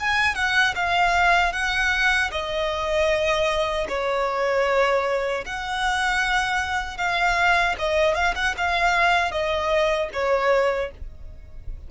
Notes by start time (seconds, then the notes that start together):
0.00 G#5
0.35 F#5
0.75 F5
1.53 F#5
2.32 D#5
3.89 C#5
5.46 F#5
6.98 F5
7.79 D#5
8.15 F5
8.36 F#5
8.57 F5
9.32 D#5
10.13 C#5